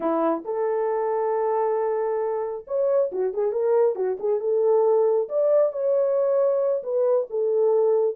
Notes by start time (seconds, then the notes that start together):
0.00 E4
0.44 A4
2.67 C#5
3.12 F#4
3.33 G#4
3.52 A#4
3.95 F#4
4.19 G#4
4.40 A4
5.29 D5
5.72 C#5
6.83 B4
7.29 A4